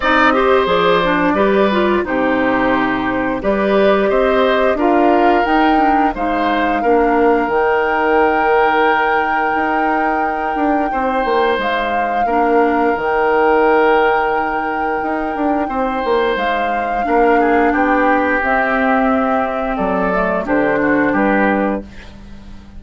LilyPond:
<<
  \new Staff \with { instrumentName = "flute" } { \time 4/4 \tempo 4 = 88 dis''4 d''2 c''4~ | c''4 d''4 dis''4 f''4 | g''4 f''2 g''4~ | g''1~ |
g''4 f''2 g''4~ | g''1 | f''2 g''4 e''4~ | e''4 d''4 c''4 b'4 | }
  \new Staff \with { instrumentName = "oboe" } { \time 4/4 d''8 c''4. b'4 g'4~ | g'4 b'4 c''4 ais'4~ | ais'4 c''4 ais'2~ | ais'1 |
c''2 ais'2~ | ais'2. c''4~ | c''4 ais'8 gis'8 g'2~ | g'4 a'4 g'8 fis'8 g'4 | }
  \new Staff \with { instrumentName = "clarinet" } { \time 4/4 dis'8 g'8 gis'8 d'8 g'8 f'8 dis'4~ | dis'4 g'2 f'4 | dis'8 d'8 dis'4 d'4 dis'4~ | dis'1~ |
dis'2 d'4 dis'4~ | dis'1~ | dis'4 d'2 c'4~ | c'4. a8 d'2 | }
  \new Staff \with { instrumentName = "bassoon" } { \time 4/4 c'4 f4 g4 c4~ | c4 g4 c'4 d'4 | dis'4 gis4 ais4 dis4~ | dis2 dis'4. d'8 |
c'8 ais8 gis4 ais4 dis4~ | dis2 dis'8 d'8 c'8 ais8 | gis4 ais4 b4 c'4~ | c'4 fis4 d4 g4 | }
>>